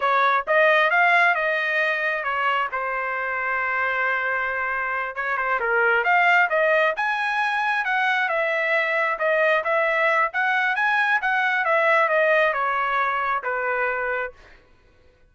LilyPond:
\new Staff \with { instrumentName = "trumpet" } { \time 4/4 \tempo 4 = 134 cis''4 dis''4 f''4 dis''4~ | dis''4 cis''4 c''2~ | c''2.~ c''8 cis''8 | c''8 ais'4 f''4 dis''4 gis''8~ |
gis''4. fis''4 e''4.~ | e''8 dis''4 e''4. fis''4 | gis''4 fis''4 e''4 dis''4 | cis''2 b'2 | }